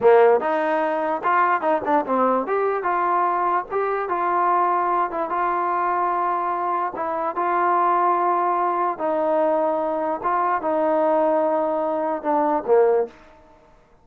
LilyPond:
\new Staff \with { instrumentName = "trombone" } { \time 4/4 \tempo 4 = 147 ais4 dis'2 f'4 | dis'8 d'8 c'4 g'4 f'4~ | f'4 g'4 f'2~ | f'8 e'8 f'2.~ |
f'4 e'4 f'2~ | f'2 dis'2~ | dis'4 f'4 dis'2~ | dis'2 d'4 ais4 | }